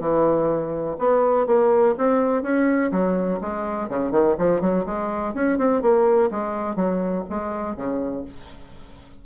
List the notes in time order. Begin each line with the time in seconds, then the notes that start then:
0.00 E3
0.99 B3
1.47 A#3
1.98 C4
2.43 C#4
2.92 F#3
3.41 G#3
3.90 C#3
4.12 D#3
4.38 F3
4.61 F#3
4.86 G#3
5.34 C#4
5.58 C4
5.82 A#3
6.31 G#3
6.76 F#3
7.30 G#3
7.77 C#3